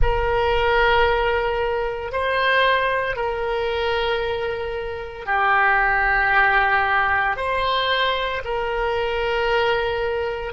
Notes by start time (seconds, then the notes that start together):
0.02 A#4
2.11 C5
3.16 A#4
5.25 G4
7.36 C5
8.44 A#4